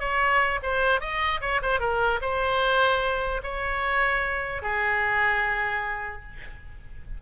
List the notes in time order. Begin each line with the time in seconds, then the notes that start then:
0.00 C#5
0.63 C5
1.01 D#5
1.41 C#5
1.63 C5
1.80 A#4
2.22 C5
3.43 C#5
4.63 G#4